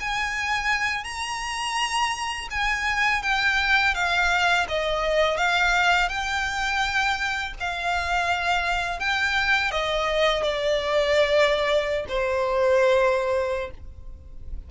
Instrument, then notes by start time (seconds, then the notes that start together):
violin
0.00 G#5
1.04 A#5
2.50 G#5
3.22 G5
3.94 F5
4.69 D#5
5.38 F5
6.09 G5
7.60 F5
9.00 G5
9.72 D#5
10.43 D5
12.09 C5